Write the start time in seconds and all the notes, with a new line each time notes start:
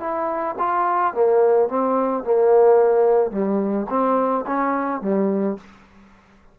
0.00 E4
0.59 F4
1.14 A#3
1.69 C4
2.24 A#3
3.31 G3
3.89 C4
4.47 C#4
5.02 G3